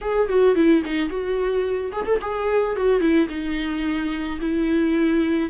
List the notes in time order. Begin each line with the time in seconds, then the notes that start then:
0.01 G#4
0.28 F#4
0.55 E4
0.85 D#4
1.09 F#4
1.92 G#4
2.05 A4
2.21 G#4
2.75 F#4
3.00 E4
3.29 D#4
4.40 E4